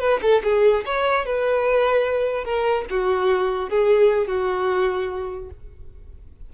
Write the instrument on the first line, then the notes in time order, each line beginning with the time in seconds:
violin
0.00 B4
0.22 A4
0.44 G#4
0.86 C#5
1.26 B4
2.45 A#4
2.90 F#4
3.70 G#4
4.28 F#4